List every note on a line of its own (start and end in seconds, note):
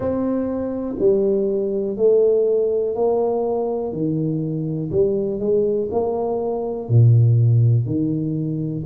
0.00 0.95 C4
0.99 1.96 G3
1.96 2.95 A3
2.95 3.92 A#3
3.92 4.90 D#3
4.91 5.39 G3
5.39 5.88 G#3
5.91 6.89 A#3
6.89 7.86 A#2
7.86 8.84 D#3